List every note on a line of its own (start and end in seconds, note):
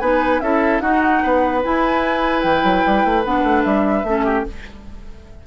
0.00 0.42 B3
0.00 0.42 D#4
0.00 0.42 B4
0.00 0.41 G#5
0.41 0.81 C#4
0.41 0.83 E4
0.41 0.83 A4
0.41 0.81 E5
0.81 1.22 D#4
0.81 1.63 D#4
0.81 1.23 F#4
0.81 1.62 F#5
1.23 1.65 B3
1.23 4.07 B4
1.63 3.25 E4
1.63 2.44 E4
1.63 2.43 G#5
2.43 2.64 E3
2.43 3.24 G5
2.64 2.84 F#3
2.86 3.05 G3
3.05 3.26 A3
3.25 3.44 B3
3.25 4.06 D4
3.25 3.64 F#5
3.44 3.64 A3
3.64 4.04 G3
3.64 4.45 E5
4.04 4.44 A3
4.04 4.47 C#4
4.10 4.25 A4
4.25 4.45 G4